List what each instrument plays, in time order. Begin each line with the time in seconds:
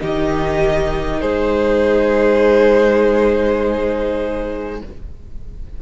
0.00 cello D#3, viola D#4, violin G4 D#5
1.21 cello G#3, violin G#4 C5